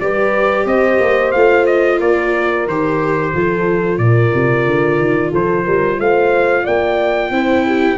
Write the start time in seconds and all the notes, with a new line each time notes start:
0.00 G3 G4 B4 D5
0.65 C4 C5 D#5
1.00 A#3
1.32 A3 F4 F5
1.66 D#5
1.99 A#3 A#4 D5
2.67 D#3 G4 C5
3.34 F3 F4 A4
3.98 A#2 A#4 D5
4.34 C3
4.66 D3
4.98 D#3
5.32 F3 A4 C5
5.65 G3 A#4
5.99 A3 C5 F5
6.64 A#3 D5 G5
7.31 C4 E4 C5
7.66 G4